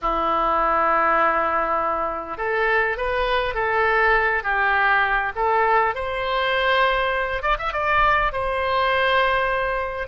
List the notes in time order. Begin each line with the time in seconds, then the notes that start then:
0.01 E4
2.37 A4
2.97 B4
3.54 A4
4.43 G4
5.35 A4
5.94 C5
7.42 D5
7.58 E5
7.73 D5
8.32 C5